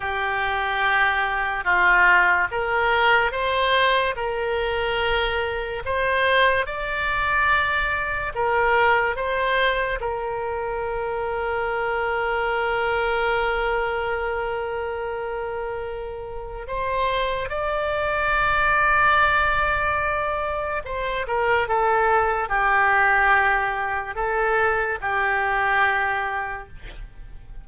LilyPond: \new Staff \with { instrumentName = "oboe" } { \time 4/4 \tempo 4 = 72 g'2 f'4 ais'4 | c''4 ais'2 c''4 | d''2 ais'4 c''4 | ais'1~ |
ais'1 | c''4 d''2.~ | d''4 c''8 ais'8 a'4 g'4~ | g'4 a'4 g'2 | }